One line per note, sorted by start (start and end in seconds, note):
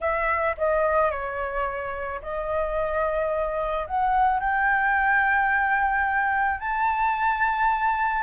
0.00 0.55 E5
0.57 1.10 D#5
1.10 2.20 C#5
2.21 3.86 D#5
3.86 4.40 F#5
4.40 6.59 G5
6.59 8.23 A5